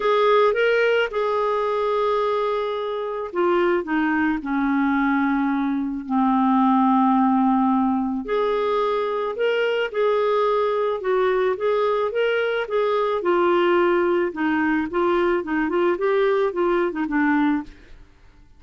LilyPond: \new Staff \with { instrumentName = "clarinet" } { \time 4/4 \tempo 4 = 109 gis'4 ais'4 gis'2~ | gis'2 f'4 dis'4 | cis'2. c'4~ | c'2. gis'4~ |
gis'4 ais'4 gis'2 | fis'4 gis'4 ais'4 gis'4 | f'2 dis'4 f'4 | dis'8 f'8 g'4 f'8. dis'16 d'4 | }